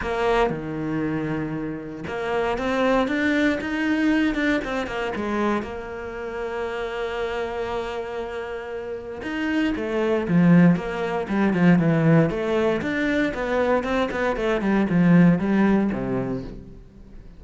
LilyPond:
\new Staff \with { instrumentName = "cello" } { \time 4/4 \tempo 4 = 117 ais4 dis2. | ais4 c'4 d'4 dis'4~ | dis'8 d'8 c'8 ais8 gis4 ais4~ | ais1~ |
ais2 dis'4 a4 | f4 ais4 g8 f8 e4 | a4 d'4 b4 c'8 b8 | a8 g8 f4 g4 c4 | }